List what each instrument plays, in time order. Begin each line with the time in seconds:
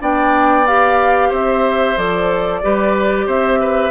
0.00 bassoon B3, clarinet D4, oboe D5, flute G5
0.67 clarinet G4, flute F5
1.30 bassoon C4, oboe C5, flute E5
1.97 bassoon F3, clarinet A4, flute D5
2.63 bassoon G3, clarinet G4, oboe B4
3.27 bassoon C4, oboe C5, flute E5
3.61 oboe B4